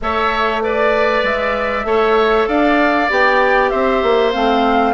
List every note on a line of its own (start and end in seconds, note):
0.01 1.23 A3
0.01 0.62 A4
0.01 0.63 C#5
0.01 0.63 E5
0.62 1.84 B4
0.62 1.86 D5
0.62 1.25 D5
1.23 1.84 G#3
1.23 2.48 E5
1.84 2.46 A3
1.84 3.08 A4
1.84 2.48 C#5
2.47 3.09 D4
2.47 3.71 D5
2.47 3.09 F5
3.09 3.71 B3
3.09 4.32 G4
3.09 3.69 G5
3.69 4.03 C4
3.69 4.94 C5
3.69 4.31 E5
4.03 4.34 A#3
4.32 4.94 A3
4.32 4.94 C4
4.32 4.94 F5